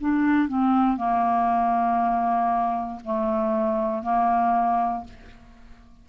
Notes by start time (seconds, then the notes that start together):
0.00 D4
0.48 C4
0.97 A#3
3.04 A3
4.03 A#3